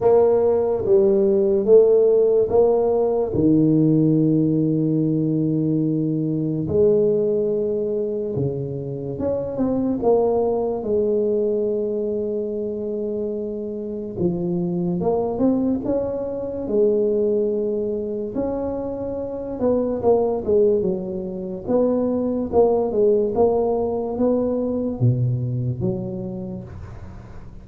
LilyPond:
\new Staff \with { instrumentName = "tuba" } { \time 4/4 \tempo 4 = 72 ais4 g4 a4 ais4 | dis1 | gis2 cis4 cis'8 c'8 | ais4 gis2.~ |
gis4 f4 ais8 c'8 cis'4 | gis2 cis'4. b8 | ais8 gis8 fis4 b4 ais8 gis8 | ais4 b4 b,4 fis4 | }